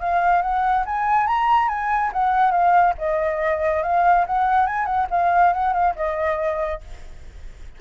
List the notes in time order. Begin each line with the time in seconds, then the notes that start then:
0.00 F5
0.42 F#5
0.86 G#5
1.27 A#5
1.69 G#5
2.13 F#5
2.51 F5
2.98 D#5
3.83 F5
4.26 F#5
4.67 G#5
4.86 F#5
5.11 F5
5.53 F#5
5.73 F5
5.96 D#5